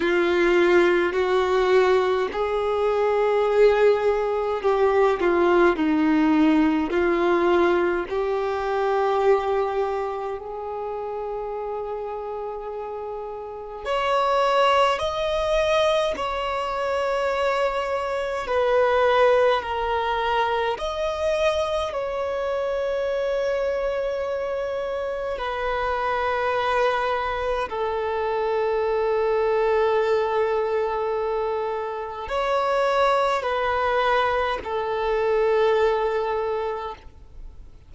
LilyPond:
\new Staff \with { instrumentName = "violin" } { \time 4/4 \tempo 4 = 52 f'4 fis'4 gis'2 | g'8 f'8 dis'4 f'4 g'4~ | g'4 gis'2. | cis''4 dis''4 cis''2 |
b'4 ais'4 dis''4 cis''4~ | cis''2 b'2 | a'1 | cis''4 b'4 a'2 | }